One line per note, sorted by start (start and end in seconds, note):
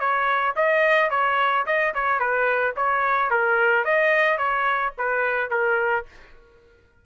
0.00 0.55 C#5
0.56 1.11 D#5
1.11 1.66 C#5
1.67 1.94 D#5
1.95 2.20 C#5
2.20 2.75 B4
2.77 3.31 C#5
3.31 3.85 A#4
3.85 4.38 D#5
4.38 4.93 C#5
4.98 5.51 B4
5.51 6.06 A#4